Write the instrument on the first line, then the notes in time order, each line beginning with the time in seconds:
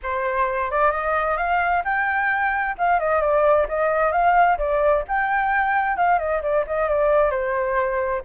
flute
0.02 C5
0.70 D5
0.91 D#5
1.37 F5
1.84 G5
2.78 F5
2.99 D#5
3.21 D5
3.68 D#5
4.11 F5
4.58 D5
5.07 G5
5.97 F5
6.18 D#5
6.42 D5
6.66 D#5
6.88 D5
7.30 C5